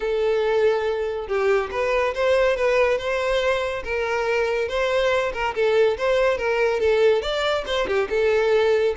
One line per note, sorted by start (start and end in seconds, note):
0.00 1.27 A4
1.27 1.70 G4
1.71 2.14 B4
2.14 2.56 C5
2.56 2.97 B4
2.97 3.83 C5
3.84 4.68 A#4
4.68 5.32 C5
5.33 5.54 A#4
5.54 5.97 A4
5.97 6.37 C5
6.37 6.79 A#4
6.79 7.21 A4
7.21 7.64 D5
7.66 7.87 C5
7.87 8.08 G4
8.09 8.94 A4